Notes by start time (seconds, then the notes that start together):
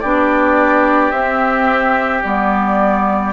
0.00 B3 D4 G4 D5
1.11 C4 E5
2.23 G3 B3 D5